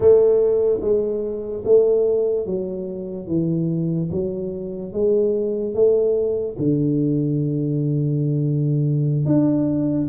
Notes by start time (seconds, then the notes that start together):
0.00 A3
0.81 G#3
1.64 A3
2.46 F#3
3.27 E3
4.11 F#3
4.92 G#3
5.74 A3
6.58 D3
9.25 D4